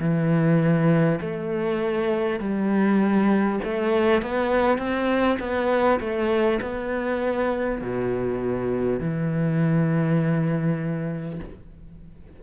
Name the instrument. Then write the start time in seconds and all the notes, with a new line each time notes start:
cello
0.00 E3
1.21 A3
2.39 G3
3.64 A3
4.22 B3
4.78 C4
5.39 B3
6.01 A3
6.62 B3
7.81 B2
9.00 E3